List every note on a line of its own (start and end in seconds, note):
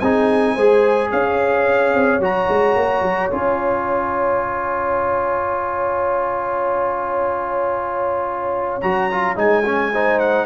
0.00 0.56 C4
0.00 0.58 D#4
0.00 0.55 G#4
0.00 1.10 G#5
0.55 1.11 G#3
0.55 2.21 G#4
0.55 1.10 C5
1.11 1.94 C#4
1.11 9.91 C#5
1.11 2.21 F5
1.94 2.19 C4
2.19 2.47 F#3
2.19 3.31 F#4
2.19 3.30 A#5
2.49 2.75 G#3
2.75 3.02 A#3
3.02 3.29 F#3
3.30 8.82 C#4
3.30 8.82 F4
3.30 8.81 G#5
8.81 9.36 F#3
8.81 9.11 F#4
8.81 9.36 A#5
9.12 9.36 F4
9.36 10.45 G#3
9.36 9.63 D#4
9.36 10.19 G#5
9.66 9.93 C#4
9.93 10.45 D#4
9.93 10.45 C5
10.19 10.45 F#5